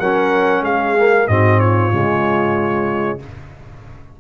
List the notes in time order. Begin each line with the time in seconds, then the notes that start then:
0.00 F#3 C#4 A#4 F#5
0.62 G#3 G#4 F5
0.98 A#3
1.28 G#2 C4 F#4 D#5
1.60 F4 C#5
1.92 C#3 G#3